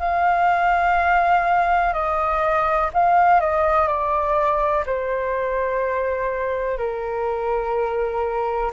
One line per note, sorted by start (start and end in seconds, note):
0.00 1.94 F5
1.94 2.90 D#5
2.94 3.40 F5
3.40 3.88 D#5
3.88 4.85 D5
4.87 6.78 C5
6.78 8.72 A#4